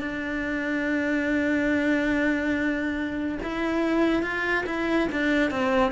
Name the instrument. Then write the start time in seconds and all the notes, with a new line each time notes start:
cello
0.00 D4
3.43 E4
4.23 F4
4.66 E4
5.12 D4
5.50 C4